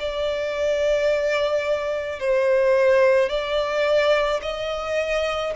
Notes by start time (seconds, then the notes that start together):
0.00 D5
2.20 C5
3.30 D5
4.42 D#5